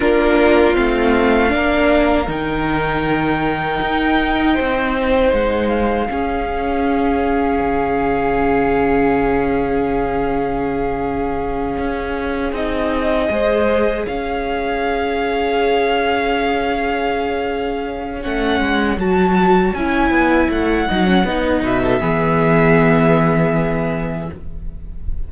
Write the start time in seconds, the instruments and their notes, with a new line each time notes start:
0.00 cello A#3, viola D4, violin F4 A#4
0.74 cello A3, viola C4, violin F5
1.48 cello A#3, viola D4
1.55 violin A#4
2.27 cello D#3, viola D#4, violin G5
3.81 cello D#4
4.54 cello C4, violin C5
5.32 cello G#3, violin F#5
5.68 violin F5
6.08 viola C#4, cello C#4, violin G#4
7.59 cello C#3
11.77 cello C#4
12.52 cello C4, viola D#4, violin D#5
13.29 cello G#3, viola G#4, violin C5
14.04 cello C#4, violin C#5 F5
18.21 cello A3, viola C#4, violin F#5
18.60 cello G#3
18.97 cello F#3, viola F#4, violin A5
19.73 cello C#4, viola E4, violin G#5
20.10 cello B3
20.49 cello A3, violin F#5
20.88 cello F#3, viola D#4
21.06 viola C#4
21.24 cello B3, viola D#4
21.62 cello B2, violin B4 E5
21.84 violin A4
22.00 cello E3, viola B3, violin G#4